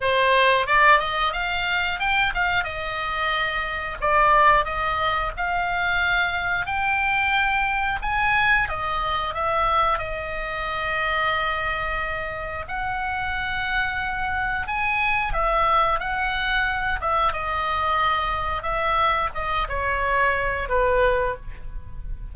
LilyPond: \new Staff \with { instrumentName = "oboe" } { \time 4/4 \tempo 4 = 90 c''4 d''8 dis''8 f''4 g''8 f''8 | dis''2 d''4 dis''4 | f''2 g''2 | gis''4 dis''4 e''4 dis''4~ |
dis''2. fis''4~ | fis''2 gis''4 e''4 | fis''4. e''8 dis''2 | e''4 dis''8 cis''4. b'4 | }